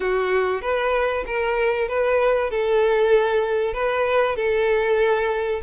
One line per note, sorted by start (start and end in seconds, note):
0.00 0.61 F#4
0.61 1.24 B4
1.26 1.88 A#4
1.88 2.50 B4
2.50 3.73 A4
3.73 4.36 B4
4.36 5.61 A4